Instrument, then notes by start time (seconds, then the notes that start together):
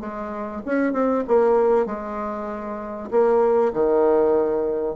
bassoon
0.00 G#3
0.66 C#4
0.93 C4
1.28 A#3
1.86 G#3
3.11 A#3
3.73 D#3